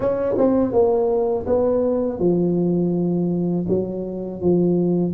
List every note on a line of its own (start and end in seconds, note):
0.00 0.35 C#4
0.37 0.72 C4
0.72 1.45 A#3
1.46 2.19 B3
2.19 3.65 F3
3.68 4.41 F#3
4.41 5.13 F3